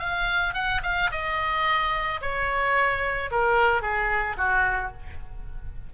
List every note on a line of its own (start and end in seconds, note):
0.00 0.55 F5
0.55 0.82 F#5
0.84 1.11 F5
1.12 2.21 D#5
2.22 3.31 C#5
3.31 3.82 A#4
3.82 4.37 G#4
4.38 4.93 F#4